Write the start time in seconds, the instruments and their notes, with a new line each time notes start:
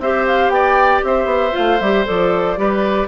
0.00 bassoon C4, clarinet G4, oboe C5, flute E5
0.27 flute F5
0.49 bassoon B3, oboe D5, flute G5
1.04 bassoon C4, oboe C5, flute E5
1.26 bassoon B3
1.52 bassoon A3, clarinet F4, flute F5
1.80 bassoon G3, clarinet G4, flute E5
2.06 bassoon F3, clarinet A4, flute D5
2.57 bassoon G3, clarinet G4, oboe B4